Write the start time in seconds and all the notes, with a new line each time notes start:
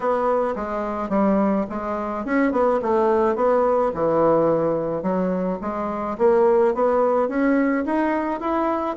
0.00 B3
0.55 G#3
1.09 G3
1.69 G#3
2.25 C#4
2.52 B3
2.82 A3
3.35 B3
3.94 E3
5.02 F#3
5.61 G#3
6.18 A#3
6.74 B3
7.28 C#4
7.85 D#4
8.40 E4